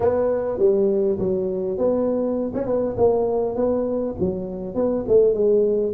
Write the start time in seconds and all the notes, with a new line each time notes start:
0.00 B3
0.59 G3
1.19 F#3
1.77 B3
2.54 C#4
2.66 B3
2.97 A#3
3.55 B3
4.19 F#3
4.74 B3
5.08 A3
5.34 G#3